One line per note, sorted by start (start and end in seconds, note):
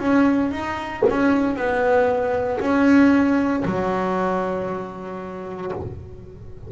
0.00 0.52 C#4
0.52 1.03 D#4
1.10 1.56 C#4
1.56 2.60 B3
2.61 3.64 C#4
3.65 5.72 F#3